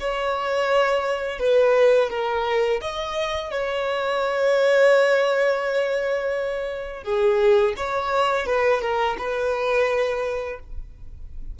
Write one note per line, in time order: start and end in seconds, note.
0.00 1.39 C#5
1.39 2.10 B4
2.10 2.81 A#4
2.81 3.51 D#5
3.51 7.04 C#5
7.04 7.74 G#4
7.77 8.47 C#5
8.47 8.82 B4
8.82 9.17 A#4
9.19 10.60 B4